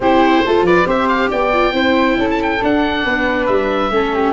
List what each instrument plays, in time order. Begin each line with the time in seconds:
0.00 tuba C4, viola E4, flute G4, oboe C5
0.45 tuba A3, viola F4, flute A4
0.61 tuba F3, flute B4, oboe D5
0.85 tuba C4, viola G4, flute C5, oboe E5
1.08 oboe F5
1.29 tuba B3, flute D5, oboe G5
1.53 viola F4
1.72 tuba C4, viola E4, flute C5
2.17 tuba C#4, flute A4
2.30 oboe A5
2.42 oboe G5
2.61 viola D4, tuba D4, oboe F#5
3.04 tuba B3, flute B4
3.46 tuba G3, oboe E5
3.90 tuba A3, viola C#4, flute A4
4.15 flute G4